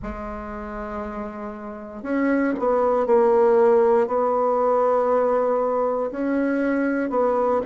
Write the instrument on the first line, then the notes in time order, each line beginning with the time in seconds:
bassoon
0.02 G#3
2.02 C#4
2.59 B3
3.06 A#3
4.07 B3
6.11 C#4
7.10 B3